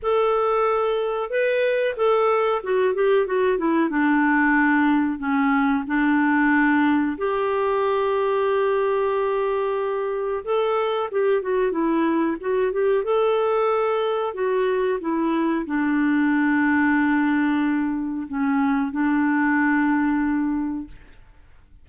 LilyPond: \new Staff \with { instrumentName = "clarinet" } { \time 4/4 \tempo 4 = 92 a'2 b'4 a'4 | fis'8 g'8 fis'8 e'8 d'2 | cis'4 d'2 g'4~ | g'1 |
a'4 g'8 fis'8 e'4 fis'8 g'8 | a'2 fis'4 e'4 | d'1 | cis'4 d'2. | }